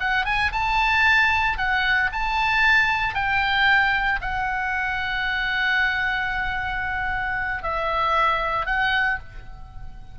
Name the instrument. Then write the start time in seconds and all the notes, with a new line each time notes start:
oboe
0.00 F#5
0.25 G#5
0.52 A5
1.58 F#5
2.12 A5
3.15 G5
4.21 F#5
7.63 E5
8.66 F#5